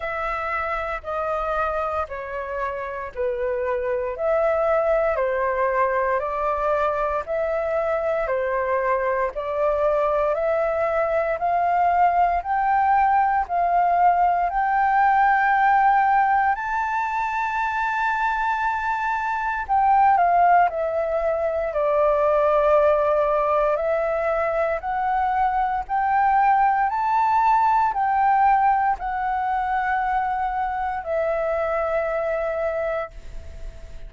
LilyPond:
\new Staff \with { instrumentName = "flute" } { \time 4/4 \tempo 4 = 58 e''4 dis''4 cis''4 b'4 | e''4 c''4 d''4 e''4 | c''4 d''4 e''4 f''4 | g''4 f''4 g''2 |
a''2. g''8 f''8 | e''4 d''2 e''4 | fis''4 g''4 a''4 g''4 | fis''2 e''2 | }